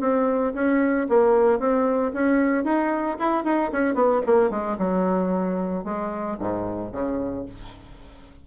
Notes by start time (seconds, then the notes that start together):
0.00 C4
0.54 C#4
1.09 A#3
1.59 C4
2.13 C#4
2.64 D#4
3.19 E4
3.44 D#4
3.72 C#4
3.94 B3
4.26 A#3
4.50 G#3
4.78 F#3
5.84 G#3
6.39 G#2
6.92 C#3